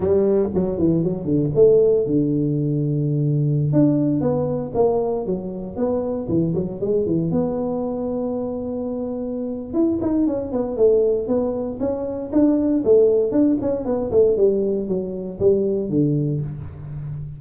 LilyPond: \new Staff \with { instrumentName = "tuba" } { \time 4/4 \tempo 4 = 117 g4 fis8 e8 fis8 d8 a4 | d2.~ d16 d'8.~ | d'16 b4 ais4 fis4 b8.~ | b16 e8 fis8 gis8 e8 b4.~ b16~ |
b2. e'8 dis'8 | cis'8 b8 a4 b4 cis'4 | d'4 a4 d'8 cis'8 b8 a8 | g4 fis4 g4 d4 | }